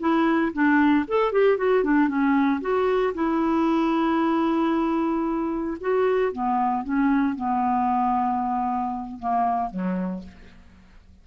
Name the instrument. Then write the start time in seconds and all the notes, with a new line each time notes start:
clarinet
0.00 E4
0.53 D4
1.08 A4
1.32 G4
1.57 F#4
1.84 D4
2.08 C#4
2.61 F#4
3.14 E4
5.81 F#4
6.33 B3
6.84 C#4
7.35 B3
9.19 A#3
9.70 F#3